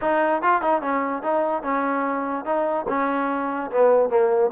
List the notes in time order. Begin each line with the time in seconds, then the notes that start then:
0.01 D#4
0.42 F4
0.61 D#4
0.81 C#4
1.22 D#4
1.62 C#4
2.45 D#4
2.88 C#4
3.71 B3
4.09 A#3